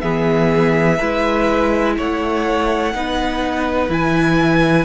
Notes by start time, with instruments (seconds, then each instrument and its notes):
0.00 cello E3, viola B3, violin G#4 E5
0.98 cello G#3, viola E4, violin B4
1.97 cello A3, violin C#5 F#5
2.94 cello B3, viola D#4, violin B4
3.89 cello E3, viola E4, violin G#5